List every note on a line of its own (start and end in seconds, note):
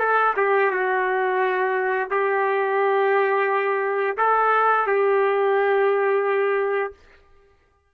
0.00 0.34 A4
0.37 0.71 G4
0.71 2.09 F#4
2.11 4.18 G4
4.18 4.87 A4
4.87 6.94 G4